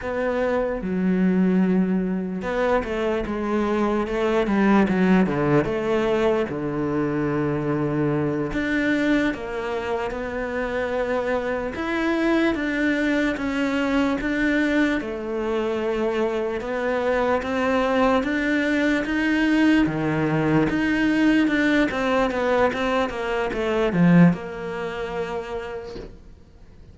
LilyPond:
\new Staff \with { instrumentName = "cello" } { \time 4/4 \tempo 4 = 74 b4 fis2 b8 a8 | gis4 a8 g8 fis8 d8 a4 | d2~ d8 d'4 ais8~ | ais8 b2 e'4 d'8~ |
d'8 cis'4 d'4 a4.~ | a8 b4 c'4 d'4 dis'8~ | dis'8 dis4 dis'4 d'8 c'8 b8 | c'8 ais8 a8 f8 ais2 | }